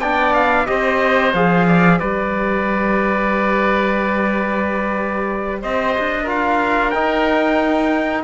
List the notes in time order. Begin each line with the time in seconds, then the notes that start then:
0.00 B3 D4 D5 G5
0.34 F5
0.65 C4 G4 C5 D#5
1.33 F3 G#4 F5
1.67 D5
1.98 G3 G4 B4 D5
5.61 C4 C5 D#5
5.98 D4
6.23 F4 A#4 F5
6.90 D#4 G5